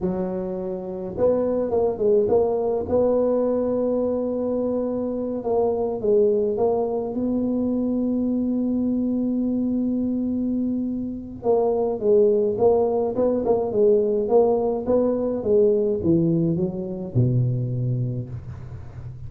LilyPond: \new Staff \with { instrumentName = "tuba" } { \time 4/4 \tempo 4 = 105 fis2 b4 ais8 gis8 | ais4 b2.~ | b4. ais4 gis4 ais8~ | ais8 b2.~ b8~ |
b1 | ais4 gis4 ais4 b8 ais8 | gis4 ais4 b4 gis4 | e4 fis4 b,2 | }